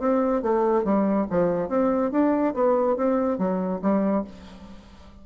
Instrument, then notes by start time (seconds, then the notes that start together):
bassoon
0.00 C4
0.43 A3
0.85 G3
1.31 F3
1.69 C4
2.12 D4
2.54 B3
2.97 C4
3.39 F#3
3.82 G3